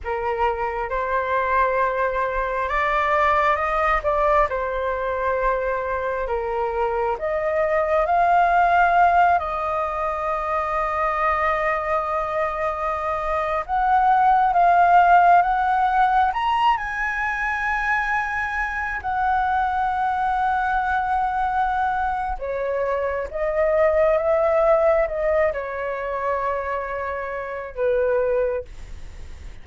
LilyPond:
\new Staff \with { instrumentName = "flute" } { \time 4/4 \tempo 4 = 67 ais'4 c''2 d''4 | dis''8 d''8 c''2 ais'4 | dis''4 f''4. dis''4.~ | dis''2.~ dis''16 fis''8.~ |
fis''16 f''4 fis''4 ais''8 gis''4~ gis''16~ | gis''4~ gis''16 fis''2~ fis''8.~ | fis''4 cis''4 dis''4 e''4 | dis''8 cis''2~ cis''8 b'4 | }